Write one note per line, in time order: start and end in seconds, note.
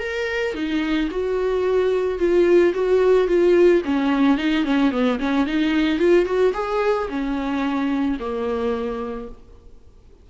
0.00 0.55 A#4
0.55 1.09 D#4
1.11 2.19 F#4
2.19 2.73 F4
2.74 3.28 F#4
3.28 3.82 F4
3.85 4.38 C#4
4.38 4.64 D#4
4.64 4.92 C#4
4.92 5.19 B3
5.19 5.46 C#4
5.46 5.99 D#4
5.99 6.26 F4
6.26 6.53 F#4
6.54 7.09 G#4
7.09 8.18 C#4
8.20 9.29 A#3